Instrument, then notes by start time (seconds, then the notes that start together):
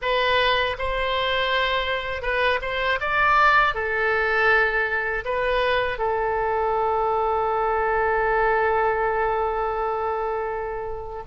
oboe
0.01 B4
0.78 C5
2.22 B4
2.61 C5
3.00 D5
3.74 A4
5.25 B4
5.98 A4